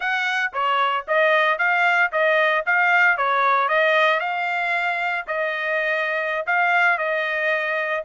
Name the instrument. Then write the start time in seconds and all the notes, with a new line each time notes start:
trumpet
0.00 F#5
0.53 C#5
1.07 D#5
1.58 F5
2.12 D#5
2.66 F5
3.17 C#5
3.68 D#5
4.19 F5
5.27 D#5
6.46 F5
6.97 D#5